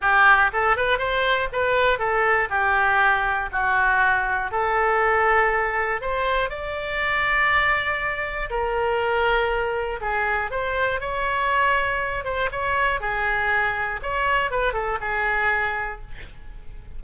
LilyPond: \new Staff \with { instrumentName = "oboe" } { \time 4/4 \tempo 4 = 120 g'4 a'8 b'8 c''4 b'4 | a'4 g'2 fis'4~ | fis'4 a'2. | c''4 d''2.~ |
d''4 ais'2. | gis'4 c''4 cis''2~ | cis''8 c''8 cis''4 gis'2 | cis''4 b'8 a'8 gis'2 | }